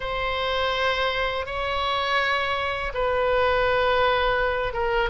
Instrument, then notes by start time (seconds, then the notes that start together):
oboe
0.00 C5
1.46 C#5
2.94 B4
4.73 A#4